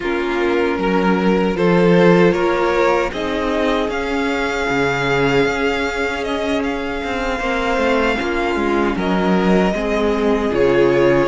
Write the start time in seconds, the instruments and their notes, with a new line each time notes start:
0.00 cello A#3, viola C#4, violin F4 A#4
0.78 cello F#3, violin A#4
1.54 cello F3, viola F4, violin A4 C5
2.32 cello A#3, violin A#4 C#5
3.12 cello C4, viola D#4, violin G#4 D#5
3.88 cello C#4, viola C#4, violin F5
4.69 cello C#3
5.46 cello C#4
6.23 violin D#5
6.63 violin F5
7.04 cello C4
7.38 cello A#3, viola C4, violin C5
7.77 cello A3
8.15 cello A#3, viola C#4, violin F4
8.55 cello G#3
8.96 cello F#3, violin A#4 D#5
9.72 cello G#3, viola C4, violin G#4
10.52 cello C#3, viola F4, violin C#5